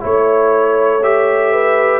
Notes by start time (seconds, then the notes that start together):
0.00 A3 E4 C#5
1.03 G4 E5
1.52 B4